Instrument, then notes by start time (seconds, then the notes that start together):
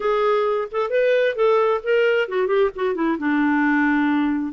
clarinet
0.00 G#4
0.71 A4
0.90 B4
1.35 A4
1.83 A#4
2.28 F#4
2.47 G4
2.75 F#4
2.94 E4
3.18 D4